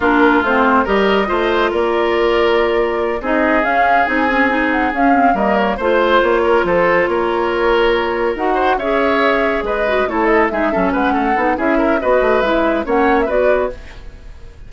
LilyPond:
<<
  \new Staff \with { instrumentName = "flute" } { \time 4/4 \tempo 4 = 140 ais'4 c''4 dis''2 | d''2.~ d''8 dis''8~ | dis''8 f''4 gis''4. fis''8 f''8~ | f''8 dis''8 cis''8 c''4 cis''4 c''8~ |
c''8 cis''2. fis''8~ | fis''8 e''2 dis''4 cis''8 | dis''8 e''4 fis''4. e''4 | dis''4 e''4 fis''8. e''16 d''4 | }
  \new Staff \with { instrumentName = "oboe" } { \time 4/4 f'2 ais'4 c''4 | ais'2.~ ais'8 gis'8~ | gis'1~ | gis'8 ais'4 c''4. ais'8 a'8~ |
a'8 ais'2.~ ais'8 | c''8 cis''2 b'4 a'8~ | a'8 gis'8 a'8 b'8 a'4 gis'8 ais'8 | b'2 cis''4 b'4 | }
  \new Staff \with { instrumentName = "clarinet" } { \time 4/4 d'4 c'4 g'4 f'4~ | f'2.~ f'8 dis'8~ | dis'8 cis'4 dis'8 cis'8 dis'4 cis'8 | c'8 ais4 f'2~ f'8~ |
f'2.~ f'8 fis'8~ | fis'8 gis'2~ gis'8 fis'8 e'8~ | e'8 dis'8 cis'4. dis'8 e'4 | fis'4 e'4 cis'4 fis'4 | }
  \new Staff \with { instrumentName = "bassoon" } { \time 4/4 ais4 a4 g4 a4 | ais2.~ ais8 c'8~ | c'8 cis'4 c'2 cis'8~ | cis'8 g4 a4 ais4 f8~ |
f8 ais2. dis'8~ | dis'8 cis'2 gis4 a8~ | a8 gis8 fis8 gis8 a8 b8 cis'4 | b8 a8 gis4 ais4 b4 | }
>>